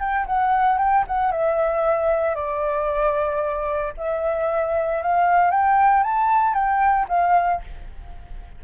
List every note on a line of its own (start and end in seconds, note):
0.00 0.26 G5
0.27 0.79 F#5
0.79 1.05 G5
1.08 1.32 F#5
1.32 2.36 E5
2.36 3.94 D5
3.98 5.03 E5
5.03 5.51 F5
5.51 6.04 G5
6.04 6.55 A5
6.55 7.07 G5
7.09 7.62 F5